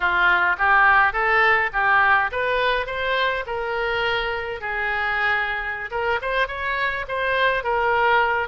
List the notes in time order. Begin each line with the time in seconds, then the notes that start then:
0.00 F4
0.58 G4
1.12 A4
1.73 G4
2.31 B4
2.86 C5
3.46 A#4
4.60 G#4
5.90 A#4
6.21 C5
6.47 C#5
7.08 C5
7.63 A#4